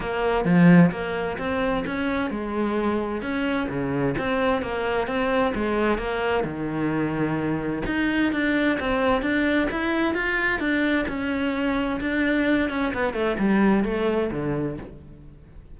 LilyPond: \new Staff \with { instrumentName = "cello" } { \time 4/4 \tempo 4 = 130 ais4 f4 ais4 c'4 | cis'4 gis2 cis'4 | cis4 c'4 ais4 c'4 | gis4 ais4 dis2~ |
dis4 dis'4 d'4 c'4 | d'4 e'4 f'4 d'4 | cis'2 d'4. cis'8 | b8 a8 g4 a4 d4 | }